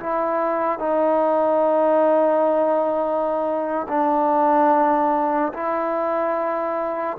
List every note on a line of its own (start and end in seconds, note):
0.00 0.79 E4
0.79 3.87 D#4
3.89 5.53 D4
5.54 7.18 E4